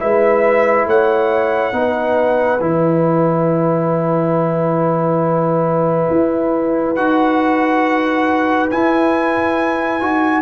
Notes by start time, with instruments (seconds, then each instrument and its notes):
0.00 tuba G#3, trombone E4, horn B4, trumpet E5
0.86 tuba A3, horn C#5, trumpet F#5
1.73 tuba B3, trombone D#4, horn B4
2.61 tuba E3, trombone E4, trumpet G#5
6.10 tuba E4
6.96 tuba D#4, trombone F#4, trumpet F#5
8.71 trombone E4, tuba E4, trumpet G#5
10.01 tuba D#4, trombone F#4